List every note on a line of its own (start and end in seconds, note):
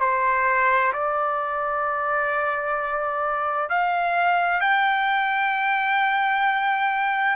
0.00 0.92 C5
0.93 3.69 D5
3.69 4.60 F5
4.60 7.36 G5